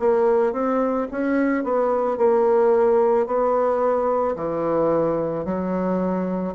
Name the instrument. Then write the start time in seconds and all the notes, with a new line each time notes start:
bassoon
0.00 A#3
0.53 C4
1.12 C#4
1.64 B3
2.18 A#3
3.27 B3
4.36 E3
5.45 F#3